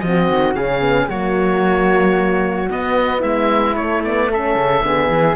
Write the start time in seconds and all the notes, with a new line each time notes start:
0.00 F3 C4 F#4 D#5
0.30 D#3
0.55 C#3 C#4 G#4 F5
0.81 B3
1.09 F#3 A#3 F#4 C#5
2.69 B3 D#5
3.20 G#3 E4 E5
3.76 A3 C#5
4.04 B3 D5
4.30 C#4 A4 E5
4.56 C#3
4.83 D3 B3 G#4
5.09 E3